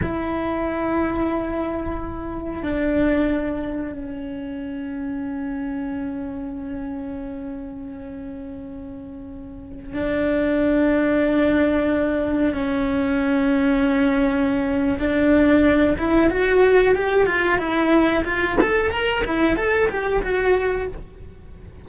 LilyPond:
\new Staff \with { instrumentName = "cello" } { \time 4/4 \tempo 4 = 92 e'1 | d'2 cis'2~ | cis'1~ | cis'2.~ cis'16 d'8.~ |
d'2.~ d'16 cis'8.~ | cis'2. d'4~ | d'8 e'8 fis'4 g'8 f'8 e'4 | f'8 a'8 ais'8 e'8 a'8 g'8 fis'4 | }